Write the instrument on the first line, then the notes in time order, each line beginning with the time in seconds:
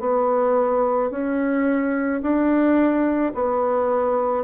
bassoon
0.00 B3
1.11 C#4
2.22 D4
3.35 B3